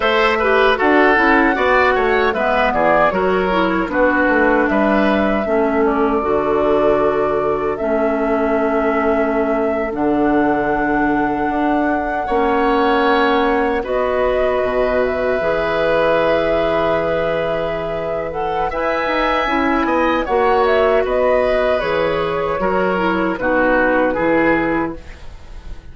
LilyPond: <<
  \new Staff \with { instrumentName = "flute" } { \time 4/4 \tempo 4 = 77 e''4 fis''2 e''8 d''8 | cis''4 b'4 e''4. d''8~ | d''2 e''2~ | e''8. fis''2.~ fis''16~ |
fis''4.~ fis''16 dis''4. e''8.~ | e''2.~ e''8 fis''8 | gis''2 fis''8 e''8 dis''4 | cis''2 b'2 | }
  \new Staff \with { instrumentName = "oboe" } { \time 4/4 c''8 b'8 a'4 d''8 cis''8 b'8 gis'8 | ais'4 fis'4 b'4 a'4~ | a'1~ | a'2.~ a'8. cis''16~ |
cis''4.~ cis''16 b'2~ b'16~ | b'1 | e''4. dis''8 cis''4 b'4~ | b'4 ais'4 fis'4 gis'4 | }
  \new Staff \with { instrumentName = "clarinet" } { \time 4/4 a'8 g'8 fis'8 e'8 fis'4 b4 | fis'8 e'8 d'2 cis'4 | fis'2 cis'2~ | cis'8. d'2. cis'16~ |
cis'4.~ cis'16 fis'2 gis'16~ | gis'2.~ gis'8 a'8 | b'4 e'4 fis'2 | gis'4 fis'8 e'8 dis'4 e'4 | }
  \new Staff \with { instrumentName = "bassoon" } { \time 4/4 a4 d'8 cis'8 b8 a8 gis8 e8 | fis4 b8 a8 g4 a4 | d2 a2~ | a8. d2 d'4 ais16~ |
ais4.~ ais16 b4 b,4 e16~ | e1 | e'8 dis'8 cis'8 b8 ais4 b4 | e4 fis4 b,4 e4 | }
>>